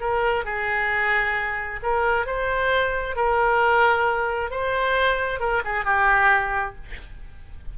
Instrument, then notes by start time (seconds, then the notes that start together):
oboe
0.00 A#4
0.44 G#4
1.83 A#4
2.26 C5
3.16 A#4
4.50 C5
5.40 A#4
5.64 G#4
5.84 G4